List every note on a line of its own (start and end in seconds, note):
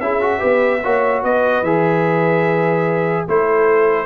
0.00 0.41 C#4
0.00 0.21 E4
0.00 0.39 G#4
0.00 1.22 E5
0.21 0.39 F#4
0.39 0.85 B3
0.39 0.80 G4
0.39 0.80 B4
0.82 1.23 A#3
0.82 1.65 F#4
0.82 1.23 C#5
1.23 1.62 B3
1.23 3.27 B4
1.23 1.64 D#5
1.62 3.26 E3
1.62 3.28 G#4
1.62 3.27 E5
3.27 4.06 A3
3.27 4.06 E4
3.27 4.06 A4
3.27 4.06 C5